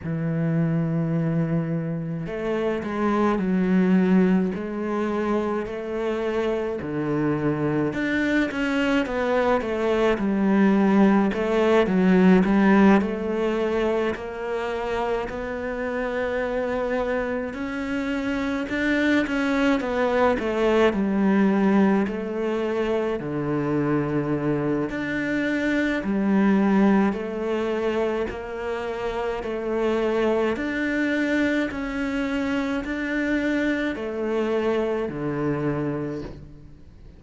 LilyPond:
\new Staff \with { instrumentName = "cello" } { \time 4/4 \tempo 4 = 53 e2 a8 gis8 fis4 | gis4 a4 d4 d'8 cis'8 | b8 a8 g4 a8 fis8 g8 a8~ | a8 ais4 b2 cis'8~ |
cis'8 d'8 cis'8 b8 a8 g4 a8~ | a8 d4. d'4 g4 | a4 ais4 a4 d'4 | cis'4 d'4 a4 d4 | }